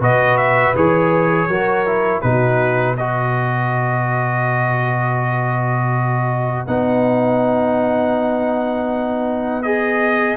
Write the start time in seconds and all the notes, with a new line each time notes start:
0.00 B2 F#4 B4 D#5
0.37 E5
0.75 E3 G#4 C#5
1.48 F#3 F#4 A#4
1.86 E4
2.21 B2 D#4 F#4 B4
2.96 F#4 B4 D#5
6.67 B3 D#4 F#5
9.62 G#4 D#5